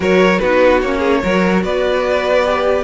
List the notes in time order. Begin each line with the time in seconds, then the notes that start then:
0.00 F#3 F#4 A#4 C#5
0.38 B3 D#4 F#4 B4
0.81 A#3 C#4 C#5
0.98 G#4
1.22 F#3 F#4 A#4
1.63 B3 B4 D5
2.44 G4